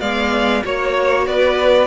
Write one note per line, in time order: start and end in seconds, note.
0.00 0.63 G#3
0.00 0.63 B3
0.00 0.63 D5
0.00 0.62 F5
0.64 1.26 A#3
0.64 1.87 F#4
0.64 1.27 C#5
1.26 1.87 B3
1.26 1.87 B4
1.26 1.87 D5